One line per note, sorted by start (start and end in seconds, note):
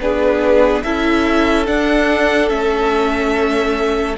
0.00 0.83 B3
0.00 0.85 D4
0.00 0.85 G#4
0.00 0.83 B4
0.83 1.68 C#4
0.83 1.67 E4
0.83 4.18 A4
0.83 1.66 E5
1.67 2.50 D4
1.67 2.51 D4
1.67 2.50 F#5
2.50 4.18 A3
2.50 4.16 C#4
2.50 4.16 E5